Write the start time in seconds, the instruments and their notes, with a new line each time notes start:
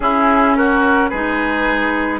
0.00 bassoon C#4, clarinet C#4, oboe E4, flute G#4
0.55 oboe F#4, flute A#4
1.09 bassoon G#3, clarinet D#4, oboe G#4, flute B4